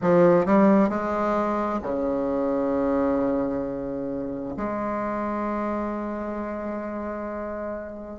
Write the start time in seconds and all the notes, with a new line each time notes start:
0.01 F3
0.45 G3
0.89 G#3
1.82 C#3
4.57 G#3